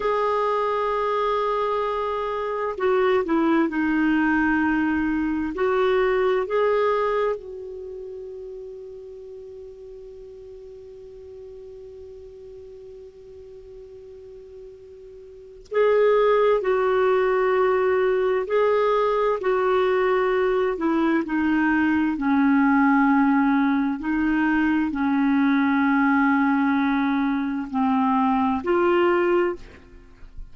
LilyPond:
\new Staff \with { instrumentName = "clarinet" } { \time 4/4 \tempo 4 = 65 gis'2. fis'8 e'8 | dis'2 fis'4 gis'4 | fis'1~ | fis'1~ |
fis'4 gis'4 fis'2 | gis'4 fis'4. e'8 dis'4 | cis'2 dis'4 cis'4~ | cis'2 c'4 f'4 | }